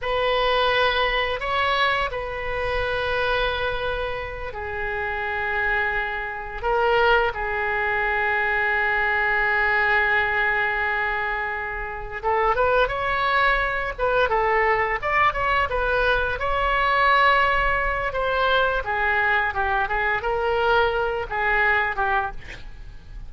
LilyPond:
\new Staff \with { instrumentName = "oboe" } { \time 4/4 \tempo 4 = 86 b'2 cis''4 b'4~ | b'2~ b'8 gis'4.~ | gis'4. ais'4 gis'4.~ | gis'1~ |
gis'4. a'8 b'8 cis''4. | b'8 a'4 d''8 cis''8 b'4 cis''8~ | cis''2 c''4 gis'4 | g'8 gis'8 ais'4. gis'4 g'8 | }